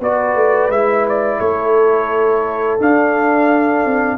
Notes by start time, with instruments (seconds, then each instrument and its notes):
0.00 tuba B3, trombone F#4, horn B4, trumpet D5
0.35 tuba A3
0.69 tuba G#3, trombone E4, trumpet E5
1.09 trumpet D5
1.40 tuba A3, horn A4, trumpet C#5
2.79 trombone D4, tuba D4, trumpet F5
3.85 tuba C4